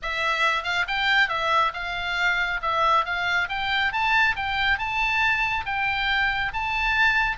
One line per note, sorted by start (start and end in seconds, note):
0.02 0.63 E5
0.63 0.85 F5
0.87 1.28 G5
1.28 1.72 E5
1.73 2.60 F5
2.61 3.05 E5
3.05 3.48 F5
3.48 3.92 G5
3.92 4.35 A5
4.36 4.78 G5
4.78 5.65 A5
5.65 6.52 G5
6.53 7.37 A5